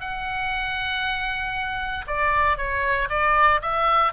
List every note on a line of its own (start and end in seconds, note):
0.00 2.05 F#5
2.07 2.57 D5
2.57 3.08 C#5
3.09 3.60 D5
3.62 4.12 E5